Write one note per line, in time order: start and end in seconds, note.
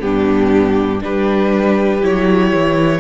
0.00 1.02 G2
0.00 1.00 B3
0.00 1.04 D4
0.00 1.02 G4
1.02 2.03 G3
1.02 2.02 D4
1.02 3.00 G4
1.02 2.05 B4
2.02 2.53 F#3
2.02 3.00 E4
2.02 3.00 C#5
2.54 3.00 E3